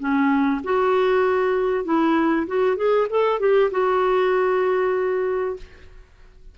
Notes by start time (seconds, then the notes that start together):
0.00 C#4
0.64 F#4
1.85 E4
2.47 F#4
2.77 G#4
3.10 A4
3.40 G4
3.72 F#4